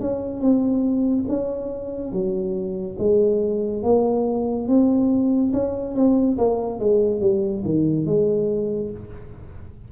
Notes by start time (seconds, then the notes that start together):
0.00 C#4
0.41 C4
1.28 C#4
2.12 F#3
2.98 G#3
3.83 A#3
4.67 C4
5.53 C#4
5.95 C4
6.38 A#3
6.80 G#3
7.21 G3
7.64 D#3
8.06 G#3